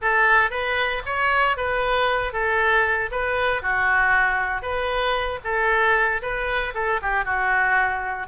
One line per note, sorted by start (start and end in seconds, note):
0.01 0.50 A4
0.50 1.02 B4
1.05 1.57 C#5
1.57 2.33 B4
2.33 3.10 A4
3.11 3.62 B4
3.62 4.62 F#4
4.62 5.39 B4
5.44 6.21 A4
6.22 6.73 B4
6.74 7.00 A4
7.02 7.24 G4
7.24 8.27 F#4